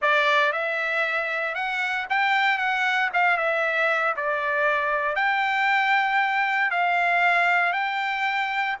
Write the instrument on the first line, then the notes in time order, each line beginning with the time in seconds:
trumpet
0.01 D5
0.52 E5
1.54 F#5
2.09 G5
2.57 F#5
3.13 F5
3.37 E5
4.16 D5
5.15 G5
6.71 F5
7.73 G5